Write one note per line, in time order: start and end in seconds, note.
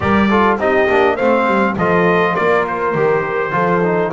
0.00 0.57 G3
0.00 0.29 G4
0.00 0.29 A#4
0.00 0.57 D5
0.29 0.59 F4
0.29 0.59 A4
0.57 0.86 C4
0.57 0.88 D#4
0.57 1.15 G4
0.57 1.16 D#5
0.88 1.18 A#3
0.88 1.18 D4
1.15 1.47 A3
1.15 1.77 C4
1.15 1.74 C5
1.15 1.75 F5
1.47 1.76 G3
1.76 2.35 F3
1.76 2.95 F4
1.76 2.32 A4
1.76 2.35 D#5
2.32 2.94 A#3
2.32 3.50 A#4
2.32 2.65 D5
2.67 4.12 C5
2.94 3.53 D#3
2.94 3.51 G4
3.51 4.12 F3
3.51 3.80 F4
3.51 4.12 A4
3.83 4.12 D#4